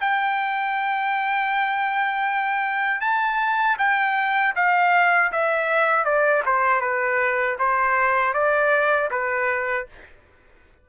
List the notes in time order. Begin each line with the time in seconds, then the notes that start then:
0.00 G5
3.01 A5
3.78 G5
4.56 F5
5.32 E5
6.05 D5
6.46 C5
6.81 B4
7.59 C5
8.34 D5
9.11 B4